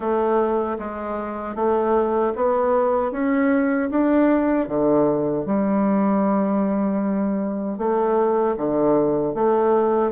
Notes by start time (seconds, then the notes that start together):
0.00 A3
0.78 G#3
1.55 A3
2.35 B3
3.11 C#4
3.90 D4
4.68 D3
5.45 G3
7.77 A3
8.56 D3
9.34 A3